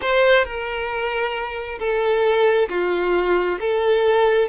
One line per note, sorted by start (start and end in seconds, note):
0.01 0.44 C5
0.44 1.78 A#4
1.79 2.69 A4
2.69 3.58 F4
3.59 4.48 A4